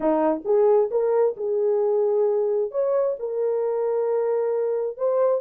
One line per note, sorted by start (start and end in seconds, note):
0.00 0.42 D#4
0.44 0.89 G#4
0.90 1.35 A#4
1.37 2.71 G#4
2.71 3.16 C#5
3.19 4.97 A#4
4.97 5.41 C5